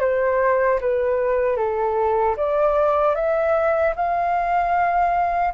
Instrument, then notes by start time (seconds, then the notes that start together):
flute
0.00 C5
0.80 B4
1.56 A4
2.36 D5
3.15 E5
3.95 F5